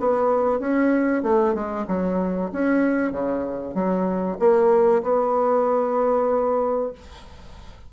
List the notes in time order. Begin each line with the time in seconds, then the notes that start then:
0.00 B3
0.60 C#4
1.23 A3
1.55 G#3
1.88 F#3
2.53 C#4
3.12 C#3
3.75 F#3
4.40 A#3
5.03 B3